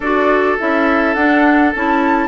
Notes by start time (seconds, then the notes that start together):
0.00 D4 F#4 A4 D5
0.58 C#4 E4 E5
1.14 D4 F#5
1.75 C#4 E4 A5